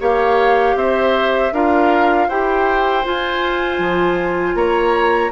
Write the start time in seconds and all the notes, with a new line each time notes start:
0.00 A#3 G4 C#5 F5
0.75 C4 C5 E5
1.52 D4 F4 A#4 F5
2.28 E4 G4 C5 G5
3.04 F4 G#5
3.79 F3
4.55 A#3 C#5 A#5